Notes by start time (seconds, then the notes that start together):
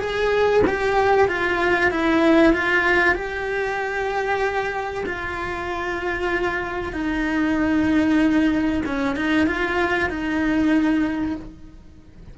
0.00 G#4
0.67 G4
1.28 F4
1.91 E4
2.53 F4
3.15 G4
5.06 F4
6.93 D#4
8.86 C#4
9.16 D#4
9.47 F4
10.10 D#4